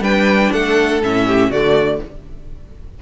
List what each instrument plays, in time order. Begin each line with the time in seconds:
0.00 cello G3, viola D4, violin B4 G5
0.52 cello A3, violin A4 F#5
1.03 cello A2, viola C#4, violin E5
1.27 violin G4
1.51 cello D3, viola A3, violin F#4 D5